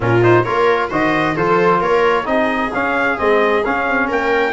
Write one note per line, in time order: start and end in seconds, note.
0.00 0.44 A#2
0.00 0.20 C#4
0.00 0.44 F4
0.00 0.23 A#4
0.22 0.45 D#4
0.22 0.44 C5
0.44 0.91 A#3
0.44 0.90 F4
0.44 0.89 A#4
0.44 0.89 C#5
0.89 1.36 D#3
0.89 1.36 F#4
0.89 1.35 C5
0.89 1.36 D#5
1.35 1.81 F3
1.35 2.24 F4
1.35 1.80 A4
1.35 1.81 C5
1.80 2.26 A#3
1.80 2.25 A#4
1.80 2.26 C#5
2.24 2.71 C4
2.24 2.70 D#4
2.24 4.07 G#4
2.24 2.71 D#5
2.73 3.18 C#4
2.73 3.17 C#4
2.73 3.18 F5
3.17 3.65 G#3
3.17 3.63 C4
3.17 3.64 D#5
3.64 4.53 C#4
3.64 3.88 C#4
3.64 4.10 F5
3.88 4.11 C4
4.07 4.53 A#3
4.07 4.53 A#4
4.07 4.53 G5